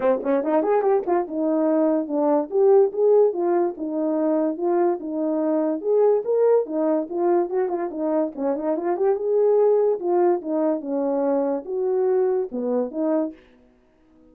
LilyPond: \new Staff \with { instrumentName = "horn" } { \time 4/4 \tempo 4 = 144 c'8 cis'8 dis'8 gis'8 g'8 f'8 dis'4~ | dis'4 d'4 g'4 gis'4 | f'4 dis'2 f'4 | dis'2 gis'4 ais'4 |
dis'4 f'4 fis'8 f'8 dis'4 | cis'8 dis'8 f'8 g'8 gis'2 | f'4 dis'4 cis'2 | fis'2 b4 dis'4 | }